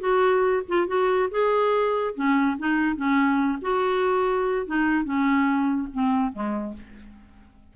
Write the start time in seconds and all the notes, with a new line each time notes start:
0.00 F#4
0.69 F4
0.88 F#4
1.31 G#4
2.15 C#4
2.59 D#4
2.96 C#4
3.62 F#4
4.67 D#4
5.05 C#4
5.94 C4
6.32 G#3